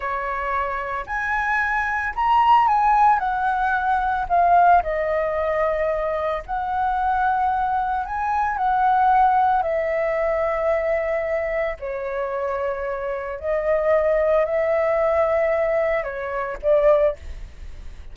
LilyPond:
\new Staff \with { instrumentName = "flute" } { \time 4/4 \tempo 4 = 112 cis''2 gis''2 | ais''4 gis''4 fis''2 | f''4 dis''2. | fis''2. gis''4 |
fis''2 e''2~ | e''2 cis''2~ | cis''4 dis''2 e''4~ | e''2 cis''4 d''4 | }